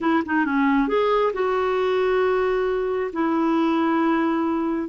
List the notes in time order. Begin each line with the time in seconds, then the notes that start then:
0.00 E4
0.25 D#4
0.45 C#4
0.88 G#4
1.33 F#4
3.13 E4